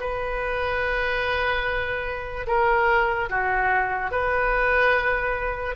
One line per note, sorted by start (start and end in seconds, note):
0.00 2.47 B4
2.47 3.30 A#4
3.30 4.12 F#4
4.12 5.76 B4